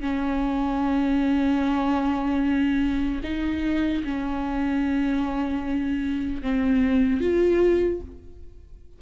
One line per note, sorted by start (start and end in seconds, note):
0.00 3.20 C#4
3.23 4.03 D#4
4.04 6.42 C#4
6.42 7.20 C4
7.20 8.00 F4